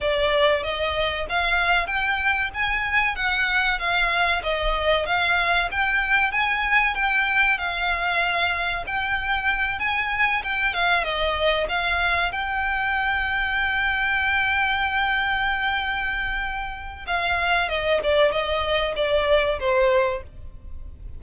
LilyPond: \new Staff \with { instrumentName = "violin" } { \time 4/4 \tempo 4 = 95 d''4 dis''4 f''4 g''4 | gis''4 fis''4 f''4 dis''4 | f''4 g''4 gis''4 g''4 | f''2 g''4. gis''8~ |
gis''8 g''8 f''8 dis''4 f''4 g''8~ | g''1~ | g''2. f''4 | dis''8 d''8 dis''4 d''4 c''4 | }